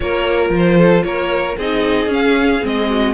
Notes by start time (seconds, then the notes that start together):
0.00 A#3 F4 A#4 C#5
0.49 F3
0.56 C5
0.77 A4
1.03 A#3 A#4 C#5
1.57 C4 D#4 G#4 D#5
2.07 C#4
2.13 F5
2.62 G#3 C4 D#5
2.89 F#4